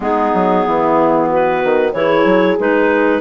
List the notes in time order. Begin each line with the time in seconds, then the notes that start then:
0.00 G#3 B3 D#4 G#4
0.33 F#3
0.65 E3 E4
1.28 F#4 B4
1.64 D#3
1.92 E3 E4 G#4 C#5
2.24 F#3
2.58 G#3 D#4 B4